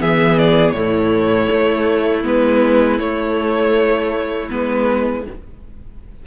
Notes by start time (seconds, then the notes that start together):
0.00 E3 B3 G#4 E5
0.38 D5
0.71 A2 A3 E4 C#5
1.51 A3
2.24 G#3 B3 B4
2.99 A3 C#5
4.49 G#3 B3 B4